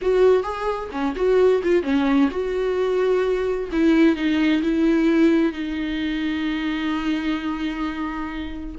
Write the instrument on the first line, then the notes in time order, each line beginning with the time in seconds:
viola
0.01 F#4
0.43 G#4
0.91 C#4
1.15 F#4
1.63 F4
1.83 C#4
2.31 F#4
3.72 E4
4.15 D#4
4.62 E4
5.52 D#4